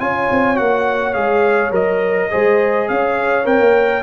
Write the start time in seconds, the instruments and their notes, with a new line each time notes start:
0.00 tuba C#4, trombone F4, horn C#5, trumpet G#5
0.31 tuba C4
0.56 tuba A#3, trombone F#4, trumpet F#5
1.14 tuba G#3, trombone G#4, trumpet F5
1.71 tuba F#3, trombone A#4, trumpet D#5
2.31 tuba G#3, trombone G#4, horn C5
2.89 tuba C#4, horn C#5, trumpet F5
3.45 tuba C4, trombone A#4, trumpet G5
3.60 tuba A#3